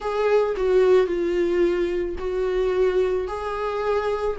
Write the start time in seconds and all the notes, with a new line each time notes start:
0.00 G#4
0.56 F#4
1.06 F4
2.18 F#4
3.27 G#4